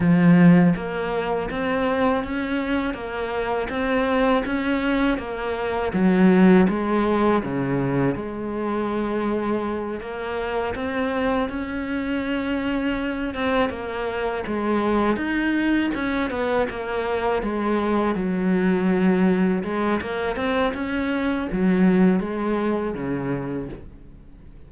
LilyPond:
\new Staff \with { instrumentName = "cello" } { \time 4/4 \tempo 4 = 81 f4 ais4 c'4 cis'4 | ais4 c'4 cis'4 ais4 | fis4 gis4 cis4 gis4~ | gis4. ais4 c'4 cis'8~ |
cis'2 c'8 ais4 gis8~ | gis8 dis'4 cis'8 b8 ais4 gis8~ | gis8 fis2 gis8 ais8 c'8 | cis'4 fis4 gis4 cis4 | }